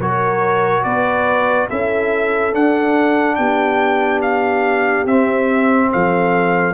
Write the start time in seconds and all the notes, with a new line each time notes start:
0.00 F#3 F#4 A#4 C#5
0.84 B3 B4 D5
1.69 C#4 E4 A4 E5
2.54 D4 F#5
3.36 B3 G4 G5
4.22 F5
5.06 C4 E5
5.92 F3 A4 F5